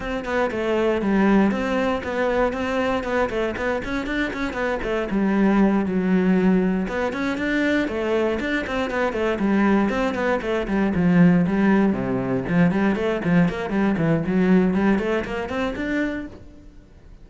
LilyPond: \new Staff \with { instrumentName = "cello" } { \time 4/4 \tempo 4 = 118 c'8 b8 a4 g4 c'4 | b4 c'4 b8 a8 b8 cis'8 | d'8 cis'8 b8 a8 g4. fis8~ | fis4. b8 cis'8 d'4 a8~ |
a8 d'8 c'8 b8 a8 g4 c'8 | b8 a8 g8 f4 g4 c8~ | c8 f8 g8 a8 f8 ais8 g8 e8 | fis4 g8 a8 ais8 c'8 d'4 | }